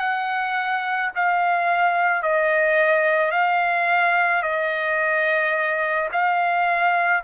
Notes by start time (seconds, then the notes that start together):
0.00 F#5
1.16 F5
2.23 D#5
3.32 F5
4.42 D#5
6.12 F5